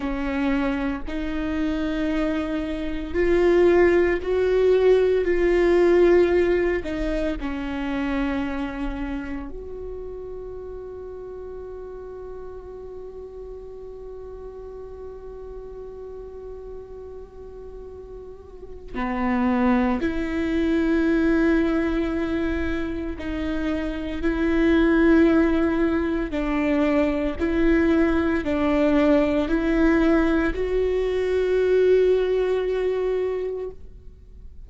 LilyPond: \new Staff \with { instrumentName = "viola" } { \time 4/4 \tempo 4 = 57 cis'4 dis'2 f'4 | fis'4 f'4. dis'8 cis'4~ | cis'4 fis'2.~ | fis'1~ |
fis'2 b4 e'4~ | e'2 dis'4 e'4~ | e'4 d'4 e'4 d'4 | e'4 fis'2. | }